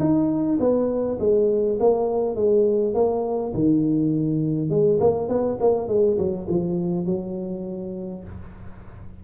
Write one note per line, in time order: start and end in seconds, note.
0.00 0.59 D#4
0.60 1.18 B3
1.20 1.78 G#3
1.80 2.36 A#3
2.36 2.94 G#3
2.94 3.53 A#3
3.54 4.70 D#3
4.70 4.99 G#3
5.00 5.29 A#3
5.29 5.58 B3
5.60 5.88 A#3
5.88 6.17 G#3
6.18 6.47 F#3
6.49 7.06 F3
7.06 8.24 F#3